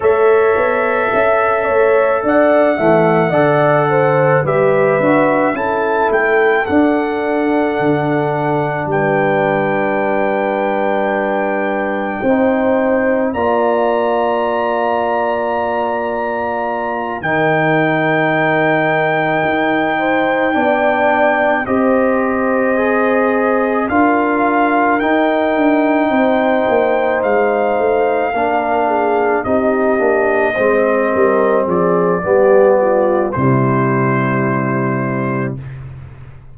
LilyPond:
<<
  \new Staff \with { instrumentName = "trumpet" } { \time 4/4 \tempo 4 = 54 e''2 fis''2 | e''4 a''8 g''8 fis''2 | g''1 | ais''2.~ ais''8 g''8~ |
g''2.~ g''8 dis''8~ | dis''4. f''4 g''4.~ | g''8 f''2 dis''4.~ | dis''8 d''4. c''2 | }
  \new Staff \with { instrumentName = "horn" } { \time 4/4 cis''4 e''8 cis''8 d''8 e''8 d''8 c''8 | b'4 a'2. | b'2. c''4 | d''2.~ d''8 ais'8~ |
ais'2 c''8 d''4 c''8~ | c''4. ais'2 c''8~ | c''4. ais'8 gis'8 g'4 c''8 | ais'8 gis'8 g'8 f'8 e'2 | }
  \new Staff \with { instrumentName = "trombone" } { \time 4/4 a'2~ a'8 a8 a'4 | g'8 fis'8 e'4 d'2~ | d'2. dis'4 | f'2.~ f'8 dis'8~ |
dis'2~ dis'8 d'4 g'8~ | g'8 gis'4 f'4 dis'4.~ | dis'4. d'4 dis'8 d'8 c'8~ | c'4 b4 g2 | }
  \new Staff \with { instrumentName = "tuba" } { \time 4/4 a8 b8 cis'8 a8 d'8 e8 d4 | g8 d'8 cis'8 a8 d'4 d4 | g2. c'4 | ais2.~ ais8 dis8~ |
dis4. dis'4 b4 c'8~ | c'4. d'4 dis'8 d'8 c'8 | ais8 gis8 a8 ais4 c'8 ais8 gis8 | g8 f8 g4 c2 | }
>>